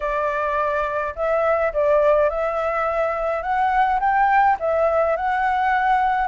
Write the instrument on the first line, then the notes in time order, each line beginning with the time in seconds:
flute
0.00 D5
1.15 E5
1.73 D5
2.29 E5
3.42 F#5
3.99 G5
4.59 E5
5.16 F#5